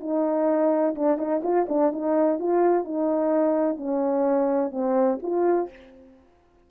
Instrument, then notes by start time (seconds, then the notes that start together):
horn
0.00 D#4
0.95 D4
1.17 D#4
1.43 F4
1.69 D4
1.92 D#4
2.39 F4
2.84 D#4
3.77 C#4
4.71 C4
5.22 F4